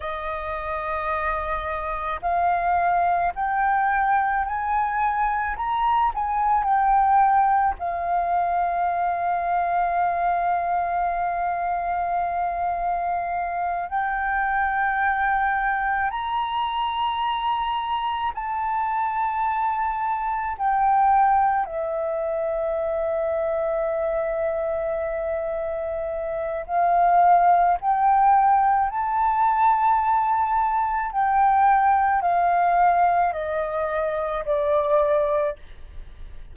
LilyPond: \new Staff \with { instrumentName = "flute" } { \time 4/4 \tempo 4 = 54 dis''2 f''4 g''4 | gis''4 ais''8 gis''8 g''4 f''4~ | f''1~ | f''8 g''2 ais''4.~ |
ais''8 a''2 g''4 e''8~ | e''1 | f''4 g''4 a''2 | g''4 f''4 dis''4 d''4 | }